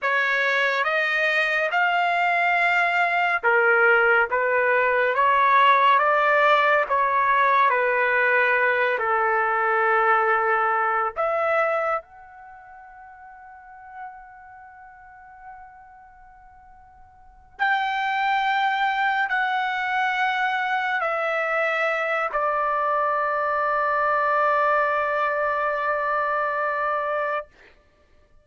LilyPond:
\new Staff \with { instrumentName = "trumpet" } { \time 4/4 \tempo 4 = 70 cis''4 dis''4 f''2 | ais'4 b'4 cis''4 d''4 | cis''4 b'4. a'4.~ | a'4 e''4 fis''2~ |
fis''1~ | fis''8 g''2 fis''4.~ | fis''8 e''4. d''2~ | d''1 | }